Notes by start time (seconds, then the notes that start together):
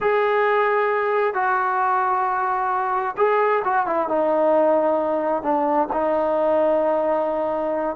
0.00 G#4
1.33 F#4
3.17 G#4
3.64 F#4
3.86 E4
4.08 D#4
5.43 D4
5.92 D#4